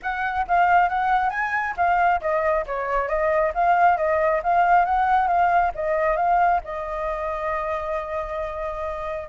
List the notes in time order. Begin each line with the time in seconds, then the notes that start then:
0.02 F#5
0.47 F5
0.88 F#5
1.30 G#5
1.76 F5
2.21 D#5
2.66 C#5
3.08 D#5
3.54 F5
3.97 D#5
4.43 F5
4.85 F#5
5.27 F5
5.74 D#5
6.16 F5
6.64 D#5